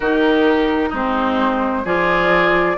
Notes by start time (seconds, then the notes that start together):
0.00 D#3 D#4 G4 A#4
0.89 G#3 C4 D#4 C5
1.84 F3 F4 G#4 D5